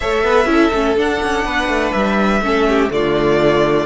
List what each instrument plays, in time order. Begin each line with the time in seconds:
0.00 cello A3, viola A4, violin C#5 E5
0.23 cello B3, violin B4
0.45 cello C#4, viola E4, violin A4
0.72 cello A3, viola C#4
0.97 cello D4, viola D4, violin F#5
1.22 cello C#4
1.45 cello B3, violin B4
1.67 cello A3
1.92 cello G3, violin E5
2.41 cello A3, viola C#4, violin A4
2.69 violin G4
2.90 cello D3, viola A3, violin F4 D5